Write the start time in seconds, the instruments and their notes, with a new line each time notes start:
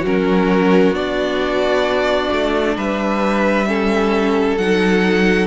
0.00 cello F#3, viola C#4, violin F#4 A#4
0.91 cello B3, viola D4, violin D5
2.32 cello A3
2.76 cello G3, violin B4 E5
3.66 viola C#4, violin A4
4.57 cello F#3, viola D#4, violin F#5